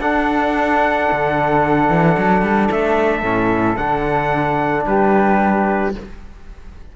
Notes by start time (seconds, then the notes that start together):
0.00 D4 A4 F#5
1.12 D3
1.90 E3
2.18 F#3
2.42 G3
2.71 A3 E5
3.23 A2 C#4
3.77 D3 D4 F#5
4.86 G3 G4 B4